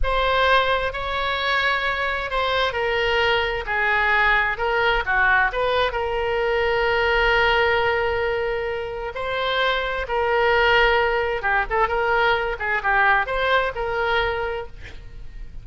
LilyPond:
\new Staff \with { instrumentName = "oboe" } { \time 4/4 \tempo 4 = 131 c''2 cis''2~ | cis''4 c''4 ais'2 | gis'2 ais'4 fis'4 | b'4 ais'2.~ |
ais'1 | c''2 ais'2~ | ais'4 g'8 a'8 ais'4. gis'8 | g'4 c''4 ais'2 | }